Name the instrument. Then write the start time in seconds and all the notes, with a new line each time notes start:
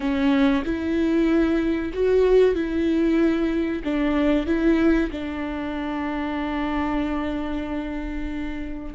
viola
0.00 C#4
0.64 E4
1.93 F#4
2.54 E4
3.84 D4
4.46 E4
5.11 D4